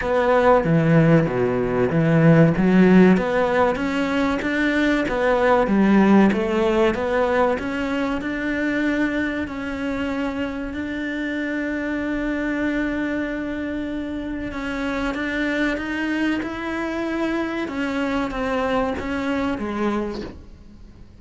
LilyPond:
\new Staff \with { instrumentName = "cello" } { \time 4/4 \tempo 4 = 95 b4 e4 b,4 e4 | fis4 b4 cis'4 d'4 | b4 g4 a4 b4 | cis'4 d'2 cis'4~ |
cis'4 d'2.~ | d'2. cis'4 | d'4 dis'4 e'2 | cis'4 c'4 cis'4 gis4 | }